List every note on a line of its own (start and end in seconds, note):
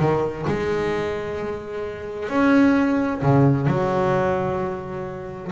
0.00 0.46 D#3
0.48 2.30 G#3
2.30 3.22 C#4
3.22 3.67 C#3
3.67 5.52 F#3